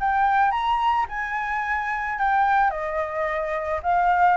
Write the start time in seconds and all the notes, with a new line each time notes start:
0.00 G5
0.51 A#5
1.09 G#5
2.19 G5
2.70 D#5
3.83 F5